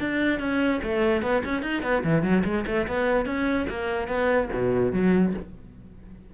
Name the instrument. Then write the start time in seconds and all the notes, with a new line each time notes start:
cello
0.00 D4
0.40 C#4
0.83 A3
1.22 B3
1.45 C#4
1.63 D#4
1.83 B3
2.04 E3
2.23 F#3
2.45 G#3
2.67 A3
2.87 B3
3.26 C#4
3.69 A#3
4.08 B3
4.53 B2
4.93 F#3